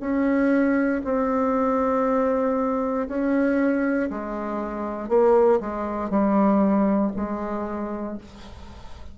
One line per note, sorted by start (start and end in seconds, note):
0.00 1.02 C#4
1.04 3.08 C4
3.08 4.10 C#4
4.10 5.09 G#3
5.09 5.60 A#3
5.61 6.10 G#3
6.10 7.12 G3
7.16 8.18 G#3